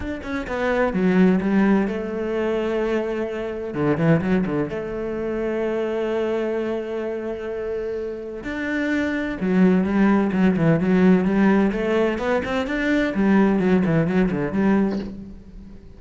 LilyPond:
\new Staff \with { instrumentName = "cello" } { \time 4/4 \tempo 4 = 128 d'8 cis'8 b4 fis4 g4 | a1 | d8 e8 fis8 d8 a2~ | a1~ |
a2 d'2 | fis4 g4 fis8 e8 fis4 | g4 a4 b8 c'8 d'4 | g4 fis8 e8 fis8 d8 g4 | }